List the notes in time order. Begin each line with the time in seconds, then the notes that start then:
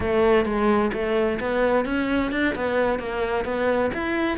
0.00 A3
0.45 G#3
0.93 A3
1.40 B3
1.85 C#4
2.31 D4
2.55 B3
2.99 A#3
3.44 B3
3.93 E4